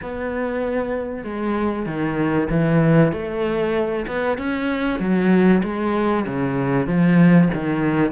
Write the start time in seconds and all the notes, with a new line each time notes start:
0.01 B3
1.24 G#3
1.86 D#3
2.50 E3
3.12 A3
4.07 B3
4.38 C#4
4.99 F#3
5.63 G#3
6.26 C#3
6.86 F3
7.53 D#3